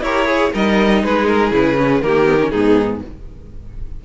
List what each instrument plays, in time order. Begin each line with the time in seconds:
0.00 cello E4, viola G4, violin A#4 C#5
0.26 viola G#4, violin G#4
0.52 cello G3, viola D#4, violin A#4 D#5
1.03 cello G#3, violin G#4 B4
1.27 violin A#4
1.51 cello C#3, viola E4, violin B4
1.77 viola C#4
2.01 cello D#3, viola A#3, violin G4 A#4
2.25 viola B3
2.40 viola C#4
2.50 cello G#2, viola B3, violin D#4 G#4